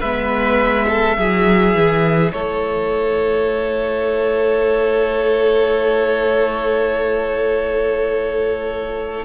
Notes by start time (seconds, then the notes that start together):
0.00 G#3 B3 B4 E5
0.89 A4
1.18 F#3 E4 G#4
1.75 E3
2.32 A3 A4 C#5